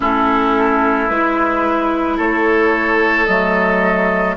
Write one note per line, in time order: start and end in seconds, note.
0.00 1.09 A3
0.00 1.09 C#4
0.00 2.16 E4
0.00 1.08 A4
1.08 2.18 G#3
1.08 3.28 E4
1.08 2.17 B4
2.16 3.28 A3
2.16 4.35 A4
2.16 3.26 C#5
3.26 4.37 F#3
3.26 4.37 A3
3.26 4.35 D#5